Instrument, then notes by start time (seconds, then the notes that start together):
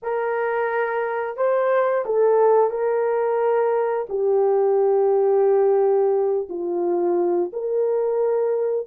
horn
0.02 A#4
1.36 C5
2.05 A4
2.70 A#4
4.09 G4
6.49 F4
7.52 A#4